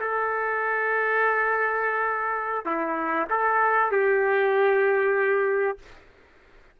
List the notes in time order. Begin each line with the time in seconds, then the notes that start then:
0.00 A4
2.65 E4
3.29 A4
3.91 G4